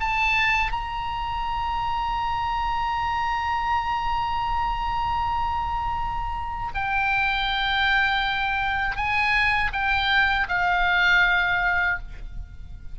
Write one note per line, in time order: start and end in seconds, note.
0.00 0.72 A5
0.72 6.72 A#5
6.75 8.97 G5
8.97 9.72 G#5
9.73 10.48 G5
10.49 11.99 F5